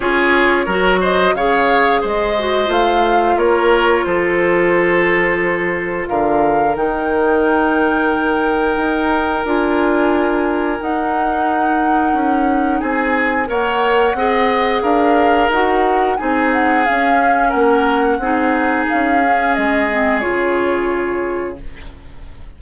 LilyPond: <<
  \new Staff \with { instrumentName = "flute" } { \time 4/4 \tempo 4 = 89 cis''4. dis''8 f''4 dis''4 | f''4 cis''4 c''2~ | c''4 f''4 g''2~ | g''2 gis''2 |
fis''2. gis''4 | fis''2 f''4 fis''4 | gis''8 fis''8 f''4 fis''2 | f''4 dis''4 cis''2 | }
  \new Staff \with { instrumentName = "oboe" } { \time 4/4 gis'4 ais'8 c''8 cis''4 c''4~ | c''4 ais'4 a'2~ | a'4 ais'2.~ | ais'1~ |
ais'2. gis'4 | cis''4 dis''4 ais'2 | gis'2 ais'4 gis'4~ | gis'1 | }
  \new Staff \with { instrumentName = "clarinet" } { \time 4/4 f'4 fis'4 gis'4. fis'8 | f'1~ | f'2 dis'2~ | dis'2 f'2 |
dis'1 | ais'4 gis'2 fis'4 | dis'4 cis'2 dis'4~ | dis'8 cis'4 c'8 f'2 | }
  \new Staff \with { instrumentName = "bassoon" } { \time 4/4 cis'4 fis4 cis4 gis4 | a4 ais4 f2~ | f4 d4 dis2~ | dis4 dis'4 d'2 |
dis'2 cis'4 c'4 | ais4 c'4 d'4 dis'4 | c'4 cis'4 ais4 c'4 | cis'4 gis4 cis2 | }
>>